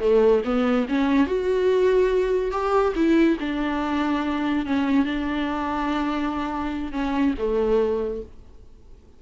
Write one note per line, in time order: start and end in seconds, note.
0.00 0.42 A3
0.45 0.87 B3
0.88 1.27 C#4
1.27 2.52 F#4
2.52 2.94 G4
2.95 3.37 E4
3.40 4.66 D4
4.66 5.05 C#4
5.05 6.92 D4
6.92 7.34 C#4
7.38 8.22 A3